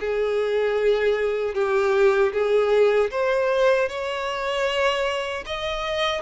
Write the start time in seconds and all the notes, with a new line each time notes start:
0.00 G#4
1.54 G4
2.32 G#4
3.11 C5
3.89 C#5
5.45 D#5